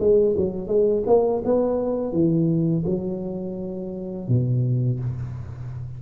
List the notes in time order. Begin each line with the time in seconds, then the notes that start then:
0.00 G#3
0.37 F#3
0.68 G#3
1.07 A#3
1.44 B3
2.13 E3
2.86 F#3
4.29 B2